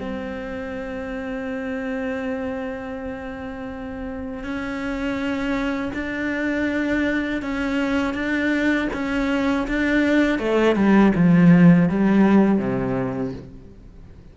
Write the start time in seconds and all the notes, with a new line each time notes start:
0.00 C4
4.43 C#4
5.94 D4
7.42 C#4
8.14 D4
8.93 C#4
9.67 D4
10.39 A3
10.75 G3
11.15 F3
11.89 G3
12.59 C3